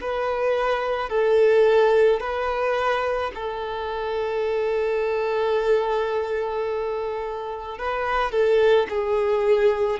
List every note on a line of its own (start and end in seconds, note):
0.00 1.09 B4
1.09 2.20 A4
2.20 3.31 B4
3.34 7.78 A4
7.78 8.31 B4
8.31 8.87 A4
8.89 9.99 G#4